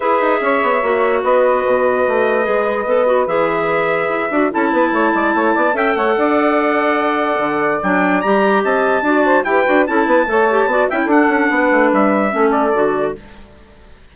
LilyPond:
<<
  \new Staff \with { instrumentName = "trumpet" } { \time 4/4 \tempo 4 = 146 e''2. dis''4~ | dis''1 | e''2. a''4~ | a''2 g''8 fis''4.~ |
fis''2. g''4 | ais''4 a''2 g''4 | a''2~ a''8 g''8 fis''4~ | fis''4 e''4. d''4. | }
  \new Staff \with { instrumentName = "saxophone" } { \time 4/4 b'4 cis''2 b'4~ | b'1~ | b'2. a'8 b'8 | cis''8 d''8 cis''8 d''8 e''8 cis''8 d''4~ |
d''1~ | d''4 dis''4 d''8 c''8 b'4 | a'8 b'8 cis''4 d''8 e''16 a'4~ a'16 | b'2 a'2 | }
  \new Staff \with { instrumentName = "clarinet" } { \time 4/4 gis'2 fis'2~ | fis'2 gis'4 a'8 fis'8 | gis'2~ gis'8 fis'8 e'4~ | e'2 a'2~ |
a'2. d'4 | g'2 fis'4 g'8 fis'8 | e'4 a'8 g'8 fis'8 e'8 d'4~ | d'2 cis'4 fis'4 | }
  \new Staff \with { instrumentName = "bassoon" } { \time 4/4 e'8 dis'8 cis'8 b8 ais4 b4 | b,4 a4 gis4 b4 | e2 e'8 d'8 cis'8 b8 | a8 gis8 a8 b8 cis'8 a8 d'4~ |
d'2 d4 fis4 | g4 c'4 d'4 e'8 d'8 | cis'8 b8 a4 b8 cis'8 d'8 cis'8 | b8 a8 g4 a4 d4 | }
>>